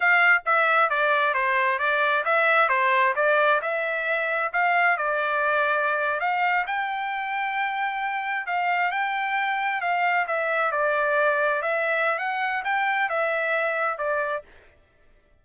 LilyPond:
\new Staff \with { instrumentName = "trumpet" } { \time 4/4 \tempo 4 = 133 f''4 e''4 d''4 c''4 | d''4 e''4 c''4 d''4 | e''2 f''4 d''4~ | d''4.~ d''16 f''4 g''4~ g''16~ |
g''2~ g''8. f''4 g''16~ | g''4.~ g''16 f''4 e''4 d''16~ | d''4.~ d''16 e''4~ e''16 fis''4 | g''4 e''2 d''4 | }